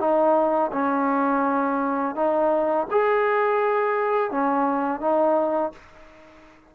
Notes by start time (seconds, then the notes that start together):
0.00 D#4
0.73 C#4
2.16 D#4
2.91 G#4
4.31 C#4
5.01 D#4